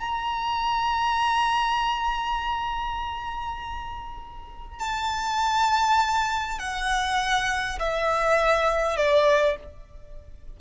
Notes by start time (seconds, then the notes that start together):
0.00 A#5
4.79 A5
6.59 F#5
7.79 E5
8.96 D5